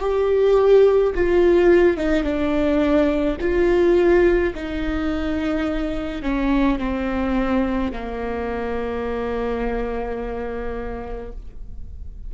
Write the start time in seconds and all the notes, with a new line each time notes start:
0.00 G4
1.15 F4
1.97 D#4
2.23 D4
3.41 F4
4.54 D#4
6.23 C#4
6.79 C4
7.92 A#3